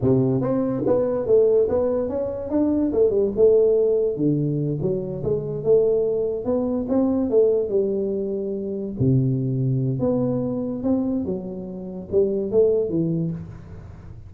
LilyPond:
\new Staff \with { instrumentName = "tuba" } { \time 4/4 \tempo 4 = 144 c4 c'4 b4 a4 | b4 cis'4 d'4 a8 g8 | a2 d4. fis8~ | fis8 gis4 a2 b8~ |
b8 c'4 a4 g4.~ | g4. c2~ c8 | b2 c'4 fis4~ | fis4 g4 a4 e4 | }